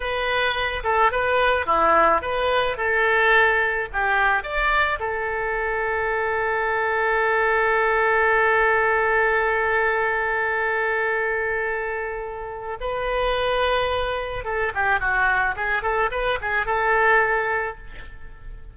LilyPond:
\new Staff \with { instrumentName = "oboe" } { \time 4/4 \tempo 4 = 108 b'4. a'8 b'4 e'4 | b'4 a'2 g'4 | d''4 a'2.~ | a'1~ |
a'1~ | a'2. b'4~ | b'2 a'8 g'8 fis'4 | gis'8 a'8 b'8 gis'8 a'2 | }